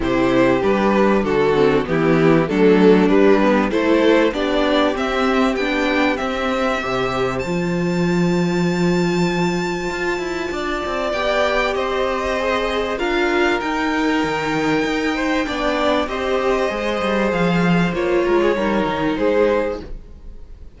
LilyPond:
<<
  \new Staff \with { instrumentName = "violin" } { \time 4/4 \tempo 4 = 97 c''4 b'4 a'4 g'4 | a'4 b'4 c''4 d''4 | e''4 g''4 e''2 | a''1~ |
a''2 g''4 dis''4~ | dis''4 f''4 g''2~ | g''2 dis''2 | f''4 cis''2 c''4 | }
  \new Staff \with { instrumentName = "violin" } { \time 4/4 g'2 fis'4 e'4 | d'2 a'4 g'4~ | g'2. c''4~ | c''1~ |
c''4 d''2 c''4~ | c''4 ais'2.~ | ais'8 c''8 d''4 c''2~ | c''4. ais'16 gis'16 ais'4 gis'4 | }
  \new Staff \with { instrumentName = "viola" } { \time 4/4 e'4 d'4. c'8 b4 | a4 g8 b8 e'4 d'4 | c'4 d'4 c'4 g'4 | f'1~ |
f'2 g'2 | gis'4 f'4 dis'2~ | dis'4 d'4 g'4 gis'4~ | gis'4 f'4 dis'2 | }
  \new Staff \with { instrumentName = "cello" } { \time 4/4 c4 g4 d4 e4 | fis4 g4 a4 b4 | c'4 b4 c'4 c4 | f1 |
f'8 e'8 d'8 c'8 b4 c'4~ | c'4 d'4 dis'4 dis4 | dis'4 b4 c'4 gis8 g8 | f4 ais8 gis8 g8 dis8 gis4 | }
>>